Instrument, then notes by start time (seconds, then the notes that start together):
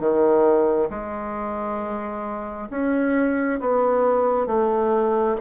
bassoon
0.00 D#3
0.90 G#3
2.70 C#4
3.60 B3
4.47 A3